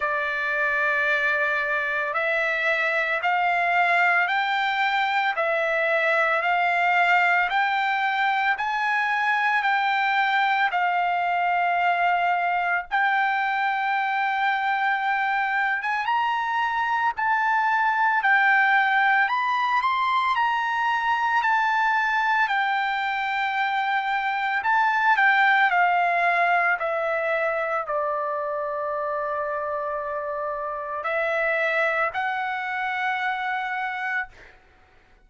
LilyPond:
\new Staff \with { instrumentName = "trumpet" } { \time 4/4 \tempo 4 = 56 d''2 e''4 f''4 | g''4 e''4 f''4 g''4 | gis''4 g''4 f''2 | g''2~ g''8. gis''16 ais''4 |
a''4 g''4 b''8 c'''8 ais''4 | a''4 g''2 a''8 g''8 | f''4 e''4 d''2~ | d''4 e''4 fis''2 | }